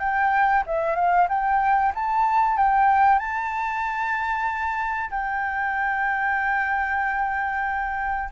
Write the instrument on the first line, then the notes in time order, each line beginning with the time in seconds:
flute
0.00 G5
0.67 E5
0.96 F5
1.29 G5
1.95 A5
2.58 G5
3.19 A5
5.11 G5